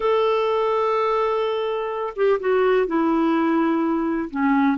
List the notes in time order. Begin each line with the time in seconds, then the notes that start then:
0.00 A4
2.16 G4
2.40 F#4
2.86 E4
4.30 C#4